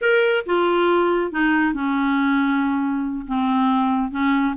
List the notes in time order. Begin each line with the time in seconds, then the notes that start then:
0.01 A#4
0.45 F4
1.31 D#4
1.73 C#4
3.27 C4
4.11 C#4